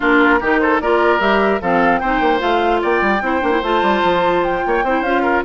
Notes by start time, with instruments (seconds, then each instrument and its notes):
0.00 bassoon A#3, clarinet D4, oboe F4, flute A#4
0.40 bassoon D#3, clarinet D#4, oboe G4
0.59 oboe A4, flute C5
0.80 bassoon A#3, clarinet F4, oboe A#4, flute D5
1.19 bassoon G3, clarinet G4, flute E5
1.61 bassoon F3, clarinet C4, oboe A4, flute F5
1.99 bassoon C4, clarinet D#4, oboe C5, flute G5
2.20 bassoon A#3
2.38 bassoon A3, clarinet F4, flute F5
2.81 bassoon A#3, oboe D5, flute G5
3.01 bassoon G3
3.21 bassoon C4, clarinet E4, oboe C5
3.41 bassoon A#3, clarinet D4
3.50 clarinet E4
3.62 bassoon A3, clarinet F4, flute A5
3.82 bassoon G3
4.03 bassoon F3
4.43 flute G5
4.66 bassoon A#3, oboe C#5
4.83 bassoon C4, clarinet E4, oboe C5
5.01 bassoon C#4, clarinet F4, flute F5
5.22 oboe A#4